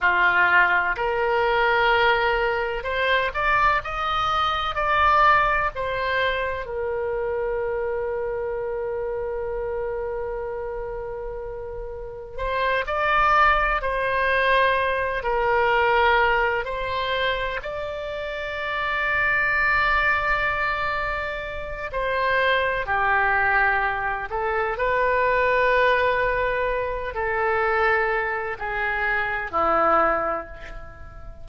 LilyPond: \new Staff \with { instrumentName = "oboe" } { \time 4/4 \tempo 4 = 63 f'4 ais'2 c''8 d''8 | dis''4 d''4 c''4 ais'4~ | ais'1~ | ais'4 c''8 d''4 c''4. |
ais'4. c''4 d''4.~ | d''2. c''4 | g'4. a'8 b'2~ | b'8 a'4. gis'4 e'4 | }